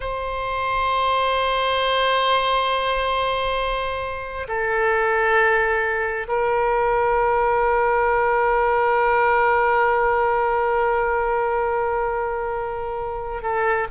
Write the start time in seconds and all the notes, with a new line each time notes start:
0.00 C5
4.48 A4
6.27 A#4
13.42 A4